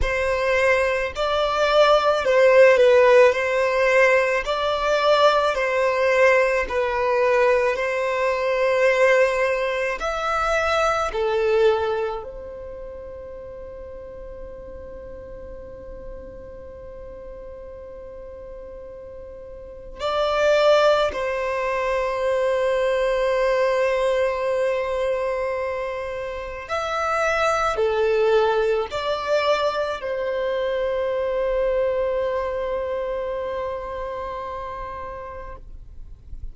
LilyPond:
\new Staff \with { instrumentName = "violin" } { \time 4/4 \tempo 4 = 54 c''4 d''4 c''8 b'8 c''4 | d''4 c''4 b'4 c''4~ | c''4 e''4 a'4 c''4~ | c''1~ |
c''2 d''4 c''4~ | c''1 | e''4 a'4 d''4 c''4~ | c''1 | }